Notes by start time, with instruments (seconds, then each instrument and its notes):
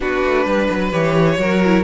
0.00 cello B3, viola D4, violin F#4 B4
0.24 cello A3
0.45 cello G3, violin B4
0.70 cello F#3
0.92 cello E3, viola G4, violin C#5
1.38 cello F#3, viola F#4, violin A#4
1.65 viola E4